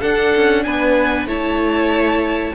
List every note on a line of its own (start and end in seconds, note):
0.00 1.27 D4
0.00 0.34 D4
0.00 0.63 A4
0.00 0.63 F#5
0.35 0.65 C#4
0.63 1.25 B3
0.63 1.27 B4
0.63 1.26 G#5
1.25 2.52 A3
1.25 2.54 E4
1.25 2.54 C#5
1.25 2.54 A5